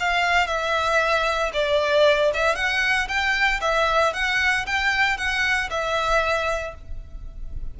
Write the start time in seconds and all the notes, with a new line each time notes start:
0.00 F5
0.47 E5
1.53 D5
2.34 E5
2.56 F#5
3.08 G5
3.61 E5
4.14 F#5
4.66 G5
5.17 F#5
5.71 E5